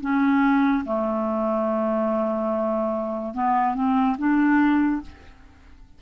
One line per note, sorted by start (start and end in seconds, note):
0.00 0.83 C#4
0.85 3.34 A3
3.34 3.74 B3
3.74 4.16 C4
4.18 5.01 D4